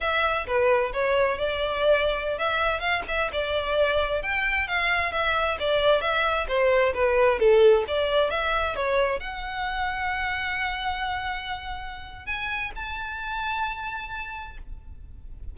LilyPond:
\new Staff \with { instrumentName = "violin" } { \time 4/4 \tempo 4 = 132 e''4 b'4 cis''4 d''4~ | d''4~ d''16 e''4 f''8 e''8 d''8.~ | d''4~ d''16 g''4 f''4 e''8.~ | e''16 d''4 e''4 c''4 b'8.~ |
b'16 a'4 d''4 e''4 cis''8.~ | cis''16 fis''2.~ fis''8.~ | fis''2. gis''4 | a''1 | }